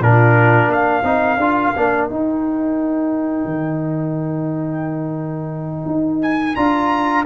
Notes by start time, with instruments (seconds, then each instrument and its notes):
0.00 tuba A#2, trombone D4, horn F4, trumpet A#4
0.68 tuba A#3, horn A#4, trumpet F5
1.03 tuba C4, trombone D#4
1.37 tuba D4, trombone F4
1.76 tuba A#3, trombone D4
2.08 tuba D#4, trombone D#4, trumpet G5
3.45 tuba D#3
5.85 tuba D#4
6.22 trumpet G#5
6.55 tuba D4, trombone F4, trumpet A#5